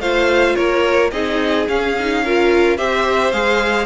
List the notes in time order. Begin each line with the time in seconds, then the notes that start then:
0.00 A3 F4 C5 F5
0.56 A#3 A#4 C#5
1.12 C4 D#4 G#4 D#5
1.68 C#4 F5
1.99 D#4
2.25 F4 A#4
2.77 C4 G4 C5 E5
3.32 G#3 G#4 F5